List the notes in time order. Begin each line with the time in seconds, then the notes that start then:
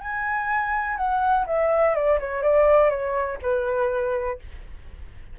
0.00 G#5
0.97 F#5
1.46 E5
1.95 D5
2.19 C#5
2.42 D5
2.89 C#5
3.42 B4